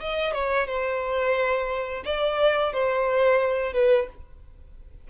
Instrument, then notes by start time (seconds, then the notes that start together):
violin
0.00 D#5
0.33 C#5
0.67 C5
2.05 D5
2.73 C5
3.73 B4